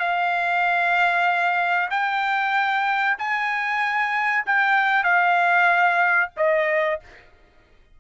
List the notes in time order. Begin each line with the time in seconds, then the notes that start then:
0.00 F5
1.91 G5
3.19 G#5
4.46 G5
5.04 F5
6.37 D#5